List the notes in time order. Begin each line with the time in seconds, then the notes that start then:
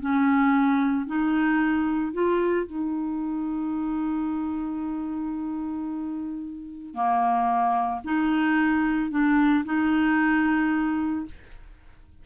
0.00 C#4
1.06 D#4
2.13 F4
2.66 D#4
6.94 A#3
8.04 D#4
9.10 D4
9.65 D#4